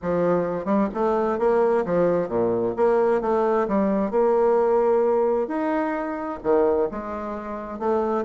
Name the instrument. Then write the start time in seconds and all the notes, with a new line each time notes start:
bassoon
0.02 F3
0.65 G3
0.94 A3
1.39 A#3
1.85 F3
2.28 A#2
2.76 A#3
3.21 A3
3.67 G3
4.10 A#3
5.47 D#4
6.43 D#3
6.91 G#3
7.79 A3